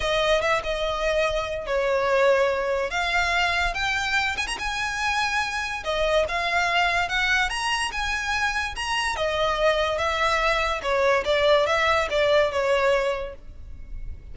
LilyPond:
\new Staff \with { instrumentName = "violin" } { \time 4/4 \tempo 4 = 144 dis''4 e''8 dis''2~ dis''8 | cis''2. f''4~ | f''4 g''4. gis''16 ais''16 gis''4~ | gis''2 dis''4 f''4~ |
f''4 fis''4 ais''4 gis''4~ | gis''4 ais''4 dis''2 | e''2 cis''4 d''4 | e''4 d''4 cis''2 | }